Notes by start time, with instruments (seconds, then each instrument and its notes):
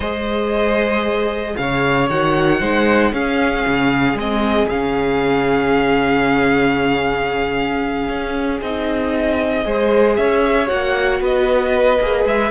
0.00 cello G#3, viola G#4, violin C5 D#5
1.56 cello C#3, violin C#5 F5
2.09 cello D#3, viola F#4, violin F#5
2.60 cello G#3, viola D#4, violin C5
3.12 cello C#4, viola C#4, violin G#4 F5
3.67 cello C#3
4.13 cello G#3, viola C4, violin D#5
4.68 cello C#3, viola C#4, violin F5
8.08 cello C#4
8.61 cello C4, viola D#4, violin D#5
9.64 cello G#3, viola G#4, violin C5
10.15 cello C#4, violin C#5 E5
10.66 cello A#3, viola F#4, violin F#5
11.20 cello B3, violin B4 D#5
12.01 cello A#3, viola G#4
12.25 cello G#3, violin E5